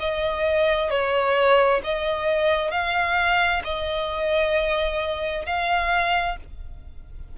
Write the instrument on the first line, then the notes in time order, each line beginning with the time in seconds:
violin
0.00 D#5
0.90 C#5
1.83 D#5
2.71 F5
3.64 D#5
5.45 F5